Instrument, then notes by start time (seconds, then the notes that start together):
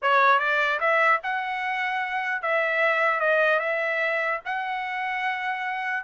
trumpet
0.02 C#5
0.39 D5
0.79 E5
1.23 F#5
2.42 E5
3.20 D#5
3.59 E5
4.45 F#5